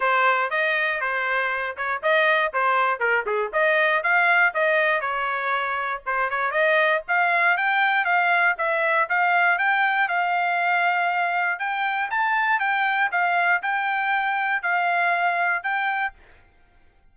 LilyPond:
\new Staff \with { instrumentName = "trumpet" } { \time 4/4 \tempo 4 = 119 c''4 dis''4 c''4. cis''8 | dis''4 c''4 ais'8 gis'8 dis''4 | f''4 dis''4 cis''2 | c''8 cis''8 dis''4 f''4 g''4 |
f''4 e''4 f''4 g''4 | f''2. g''4 | a''4 g''4 f''4 g''4~ | g''4 f''2 g''4 | }